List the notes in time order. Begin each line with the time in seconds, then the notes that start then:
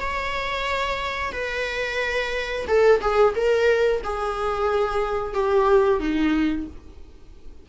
0.00 C#5
1.32 B4
2.67 A4
3.01 G#4
3.35 A#4
4.04 G#4
5.34 G4
6.00 D#4